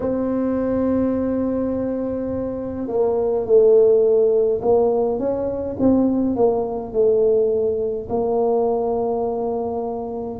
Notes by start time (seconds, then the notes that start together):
0.00 C4
2.87 A#3
3.45 A3
4.61 A#3
5.18 C#4
5.78 C4
6.35 A#3
6.92 A3
8.09 A#3